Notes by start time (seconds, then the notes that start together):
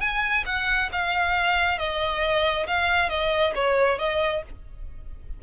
0.00 G#5
0.46 F#5
0.92 F5
1.78 D#5
2.67 F5
3.09 D#5
3.55 C#5
3.98 D#5